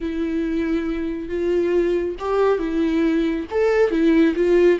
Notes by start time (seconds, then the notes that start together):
0.00 E4
1.28 F4
2.19 G4
2.58 E4
3.50 A4
3.90 E4
4.35 F4